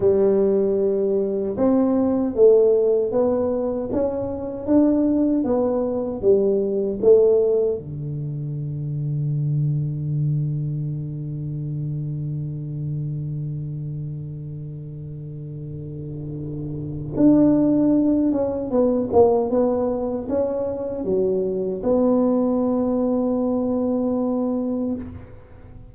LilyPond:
\new Staff \with { instrumentName = "tuba" } { \time 4/4 \tempo 4 = 77 g2 c'4 a4 | b4 cis'4 d'4 b4 | g4 a4 d2~ | d1~ |
d1~ | d2 d'4. cis'8 | b8 ais8 b4 cis'4 fis4 | b1 | }